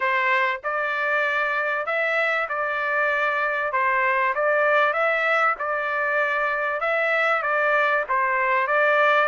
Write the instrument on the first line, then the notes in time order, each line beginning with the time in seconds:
trumpet
0.00 C5
0.63 D5
1.86 E5
2.49 D5
3.72 C5
4.34 D5
4.93 E5
5.58 D5
6.80 E5
7.42 D5
8.08 C5
8.67 D5